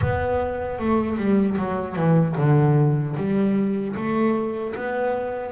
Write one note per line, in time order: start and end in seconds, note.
0.01 0.79 B3
0.79 1.17 A3
1.17 1.56 G3
1.57 1.96 F#3
1.96 2.35 E3
2.37 3.16 D3
3.17 3.95 G3
3.96 4.75 A3
4.75 5.52 B3